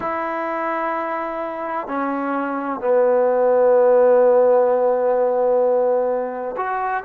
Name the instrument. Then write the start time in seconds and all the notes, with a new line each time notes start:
trombone
0.00 E4
1.87 C#4
2.80 B3
6.56 F#4